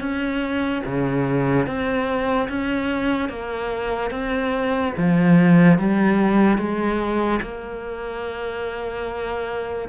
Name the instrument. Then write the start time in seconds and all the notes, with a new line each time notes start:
cello
0.00 C#4
0.86 C#3
1.66 C4
2.49 C#4
3.29 A#3
4.11 C4
4.97 F3
5.78 G3
6.58 G#3
7.42 A#3